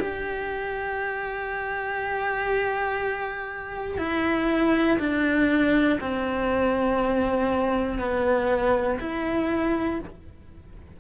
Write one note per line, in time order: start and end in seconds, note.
0.00 3.98 G4
3.98 4.98 E4
5.00 6.00 D4
6.00 7.99 C4
7.99 8.99 B3
9.00 10.00 E4